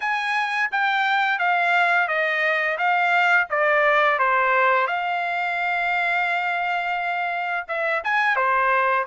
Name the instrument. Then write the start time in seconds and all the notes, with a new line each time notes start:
trumpet
0.00 G#5
0.71 G5
1.38 F5
2.07 D#5
2.77 F5
3.49 D5
4.19 C5
4.87 F5
7.67 E5
8.04 G#5
8.36 C5